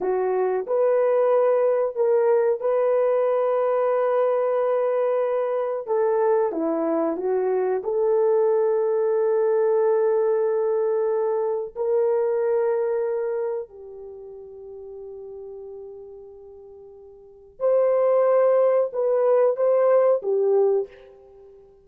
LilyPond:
\new Staff \with { instrumentName = "horn" } { \time 4/4 \tempo 4 = 92 fis'4 b'2 ais'4 | b'1~ | b'4 a'4 e'4 fis'4 | a'1~ |
a'2 ais'2~ | ais'4 g'2.~ | g'2. c''4~ | c''4 b'4 c''4 g'4 | }